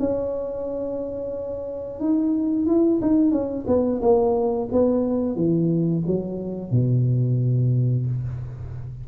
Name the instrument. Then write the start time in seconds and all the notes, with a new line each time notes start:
tuba
0.00 C#4
2.00 D#4
2.67 E4
3.02 D#4
3.32 C#4
3.67 B3
4.02 A#3
4.72 B3
5.36 E3
6.07 F#3
6.72 B2